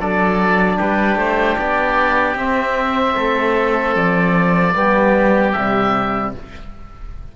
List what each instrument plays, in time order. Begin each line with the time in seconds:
0.00 cello F#3, trombone D4, oboe A4 D5
0.77 cello G3, oboe G4 B4
1.16 cello A3, oboe C5
1.59 cello B3, oboe D5
2.36 cello C4, trombone C4, oboe E5
3.17 cello A3, oboe A4
3.96 cello F3, oboe D5
4.74 cello G3, trombone B3, oboe G4
5.53 cello C3, trombone G3, oboe E5